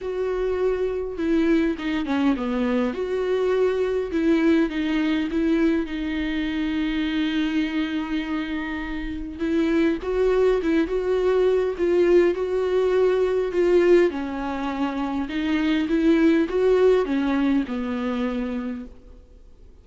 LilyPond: \new Staff \with { instrumentName = "viola" } { \time 4/4 \tempo 4 = 102 fis'2 e'4 dis'8 cis'8 | b4 fis'2 e'4 | dis'4 e'4 dis'2~ | dis'1 |
e'4 fis'4 e'8 fis'4. | f'4 fis'2 f'4 | cis'2 dis'4 e'4 | fis'4 cis'4 b2 | }